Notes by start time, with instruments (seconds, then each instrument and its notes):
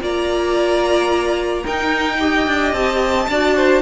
0.00 cello A#3, viola F4, violin D5 A#5
1.63 viola D#4, cello D#4, violin A#4 G5
2.20 viola G4, violin D#5
2.47 cello D4
2.73 cello C4, violin A5
3.28 cello D4, viola F#4, violin D5
3.56 violin C5